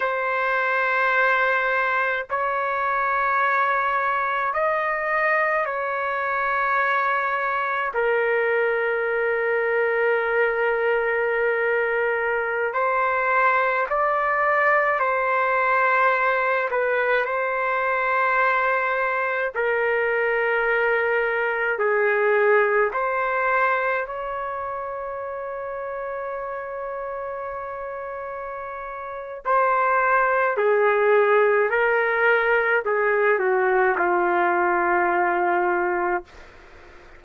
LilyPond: \new Staff \with { instrumentName = "trumpet" } { \time 4/4 \tempo 4 = 53 c''2 cis''2 | dis''4 cis''2 ais'4~ | ais'2.~ ais'16 c''8.~ | c''16 d''4 c''4. b'8 c''8.~ |
c''4~ c''16 ais'2 gis'8.~ | gis'16 c''4 cis''2~ cis''8.~ | cis''2 c''4 gis'4 | ais'4 gis'8 fis'8 f'2 | }